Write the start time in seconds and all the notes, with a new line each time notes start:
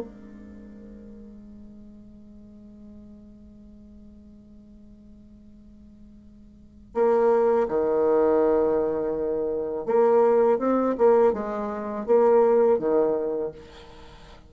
0.00 G#3
6.95 A#3
7.69 D#3
9.86 A#3
10.59 C4
10.98 A#3
11.33 G#3
12.07 A#3
12.79 D#3